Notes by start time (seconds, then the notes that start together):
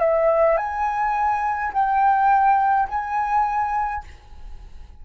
0.00 E5
0.57 G#5
1.73 G5
2.89 G#5